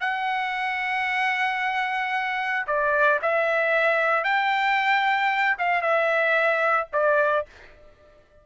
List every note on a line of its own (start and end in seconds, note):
0.00 2.65 F#5
2.66 3.19 D5
3.22 4.24 E5
4.24 5.56 G5
5.58 5.81 F5
5.81 6.87 E5
6.92 7.46 D5